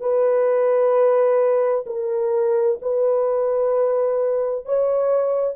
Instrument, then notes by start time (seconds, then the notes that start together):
horn
0.00 B4
1.86 A#4
2.82 B4
4.65 C#5